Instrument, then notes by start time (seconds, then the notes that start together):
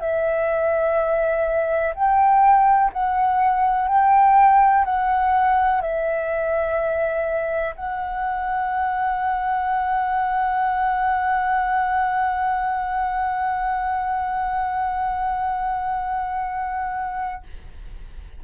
flute
0.00 E5
1.95 G5
2.93 F#5
3.88 G5
4.85 F#5
5.81 E5
7.76 F#5